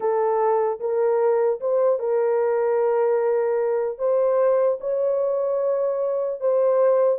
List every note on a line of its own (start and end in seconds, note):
0.00 0.79 A4
0.80 1.60 A#4
1.60 1.99 C5
1.99 3.98 A#4
3.98 4.78 C5
4.80 6.40 C#5
6.40 7.19 C5